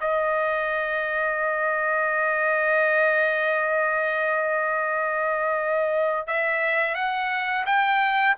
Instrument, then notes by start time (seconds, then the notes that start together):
trumpet
0.00 D#5
6.27 E5
6.95 F#5
7.66 G5